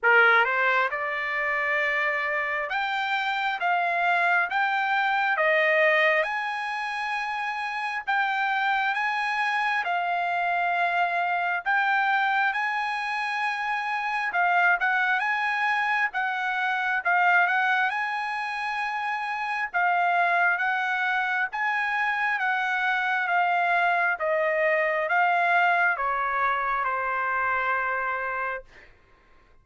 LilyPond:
\new Staff \with { instrumentName = "trumpet" } { \time 4/4 \tempo 4 = 67 ais'8 c''8 d''2 g''4 | f''4 g''4 dis''4 gis''4~ | gis''4 g''4 gis''4 f''4~ | f''4 g''4 gis''2 |
f''8 fis''8 gis''4 fis''4 f''8 fis''8 | gis''2 f''4 fis''4 | gis''4 fis''4 f''4 dis''4 | f''4 cis''4 c''2 | }